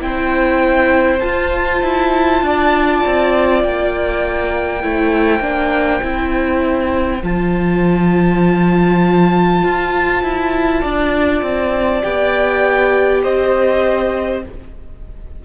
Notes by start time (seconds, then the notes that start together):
0.00 C4 E4 C5 G5
1.19 F4 A5
1.82 E4
2.41 D4 D5
3.06 C4
3.62 A#3 G5
4.81 A3 E4 C5
5.40 A#3 D4
6.02 C4 E4
7.22 F3 F4 A5
9.63 F4
10.22 E4
10.81 D4 D5
11.42 C4
12.01 B3 G4 G5
13.22 C4 C5 D#5